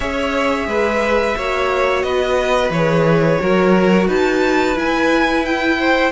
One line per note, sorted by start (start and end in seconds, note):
0.00 0.67 C#4
0.00 1.36 G#4
0.00 0.68 C#5
0.00 2.02 E5
0.67 1.35 G#3
0.67 1.36 B4
1.37 2.03 A#3
1.37 2.73 F#4
1.37 2.05 C#5
2.02 2.69 B3
2.02 3.41 B4
2.02 2.70 D#5
2.69 3.37 E3
2.69 3.39 G#4
2.69 4.08 C#5
3.39 4.07 F#3
3.39 4.76 F#4
3.39 4.07 A#4
4.07 4.76 D#4
4.07 5.78 B4
4.07 4.77 A5
4.76 6.12 E4
4.76 5.45 G#5
5.45 6.12 G5
5.78 6.12 C5